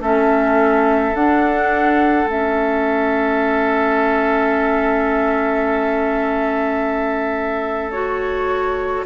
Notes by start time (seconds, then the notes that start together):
0.00 A3 C#4 A4 E5
1.14 D4 F#5
2.24 A3 C#4 E5
7.91 F#4 C#5